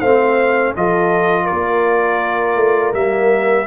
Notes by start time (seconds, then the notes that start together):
0.00 A3 C4 C5 F5
0.76 F3 F4 A4 D#5
1.44 A#4 D5
1.52 A#3
2.56 A3
2.93 G3 A#3 E5